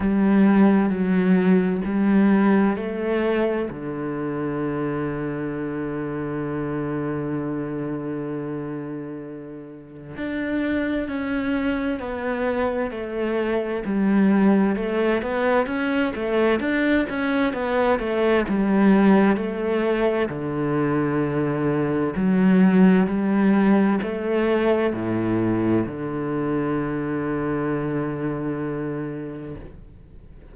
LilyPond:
\new Staff \with { instrumentName = "cello" } { \time 4/4 \tempo 4 = 65 g4 fis4 g4 a4 | d1~ | d2. d'4 | cis'4 b4 a4 g4 |
a8 b8 cis'8 a8 d'8 cis'8 b8 a8 | g4 a4 d2 | fis4 g4 a4 a,4 | d1 | }